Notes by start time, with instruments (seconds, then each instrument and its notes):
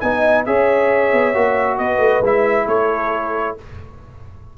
0.00 tuba B3, trombone D#4, horn D#5, trumpet G#5
0.46 tuba C#4, trombone G#4, horn C#5, trumpet E5
1.13 tuba B3
1.34 tuba A#3, trombone F#4
1.78 tuba B3, horn B4, trumpet D#5
1.98 tuba A3
2.21 tuba G#3, trombone E4, trumpet E5
2.67 tuba A3, horn A4, trumpet C#5